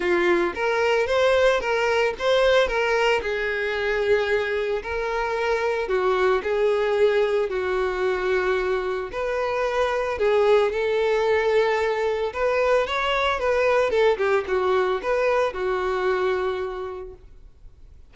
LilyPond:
\new Staff \with { instrumentName = "violin" } { \time 4/4 \tempo 4 = 112 f'4 ais'4 c''4 ais'4 | c''4 ais'4 gis'2~ | gis'4 ais'2 fis'4 | gis'2 fis'2~ |
fis'4 b'2 gis'4 | a'2. b'4 | cis''4 b'4 a'8 g'8 fis'4 | b'4 fis'2. | }